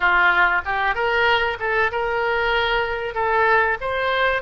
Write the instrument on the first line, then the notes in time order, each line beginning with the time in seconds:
oboe
0.00 F4
0.65 G4
0.94 A#4
1.59 A4
1.91 A#4
3.14 A4
3.81 C5